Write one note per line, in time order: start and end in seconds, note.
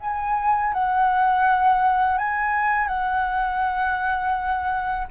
0.00 0.73 G#5
0.73 2.18 F#5
2.18 2.87 G#5
2.87 5.07 F#5